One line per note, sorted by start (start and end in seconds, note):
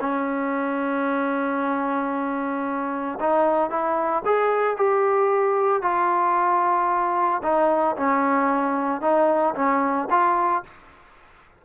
0.00 3.19 C#4
3.20 3.70 D#4
3.70 4.23 E4
4.25 4.76 G#4
4.76 5.82 G4
5.82 7.41 F4
7.42 7.95 D#4
7.96 9.01 C#4
9.01 9.54 D#4
9.55 10.08 C#4
10.10 10.63 F4